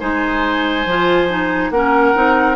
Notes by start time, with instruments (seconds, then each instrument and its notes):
0.00 bassoon G#3, clarinet D#4, oboe C5, flute G#5
0.86 bassoon F3, clarinet F4
1.29 clarinet D#4
1.71 bassoon A#3, clarinet C#4, oboe A#4, flute F#5
2.15 bassoon C4, clarinet D#4